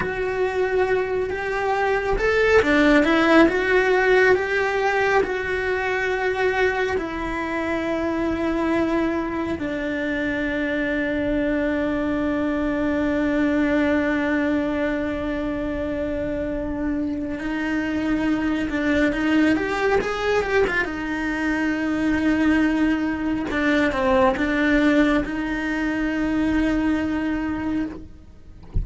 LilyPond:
\new Staff \with { instrumentName = "cello" } { \time 4/4 \tempo 4 = 69 fis'4. g'4 a'8 d'8 e'8 | fis'4 g'4 fis'2 | e'2. d'4~ | d'1~ |
d'1 | dis'4. d'8 dis'8 g'8 gis'8 g'16 f'16 | dis'2. d'8 c'8 | d'4 dis'2. | }